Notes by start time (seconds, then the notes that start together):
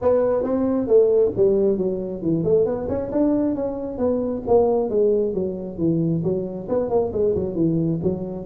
0.01 B3
0.43 C4
0.87 A3
1.36 G3
1.77 F#3
2.22 E3
2.43 A3
2.65 B3
2.88 C#4
3.11 D4
3.55 C#4
3.98 B3
4.47 A#3
4.89 G#3
5.34 F#3
5.78 E3
6.23 F#3
6.68 B3
6.89 A#3
7.12 G#3
7.35 F#3
7.55 E3
8.02 F#3